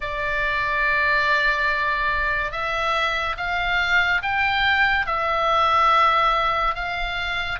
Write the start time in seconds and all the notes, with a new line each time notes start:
0.00 D5
2.51 E5
3.37 F5
4.22 G5
5.06 E5
6.74 F5